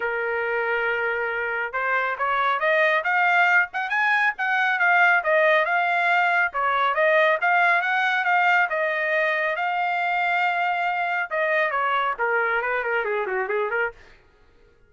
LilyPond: \new Staff \with { instrumentName = "trumpet" } { \time 4/4 \tempo 4 = 138 ais'1 | c''4 cis''4 dis''4 f''4~ | f''8 fis''8 gis''4 fis''4 f''4 | dis''4 f''2 cis''4 |
dis''4 f''4 fis''4 f''4 | dis''2 f''2~ | f''2 dis''4 cis''4 | ais'4 b'8 ais'8 gis'8 fis'8 gis'8 ais'8 | }